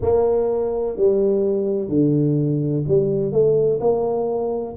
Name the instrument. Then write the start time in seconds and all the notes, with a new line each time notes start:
tuba
0.01 A#3
0.96 G3
1.88 D3
2.87 G3
3.32 A3
3.80 A#3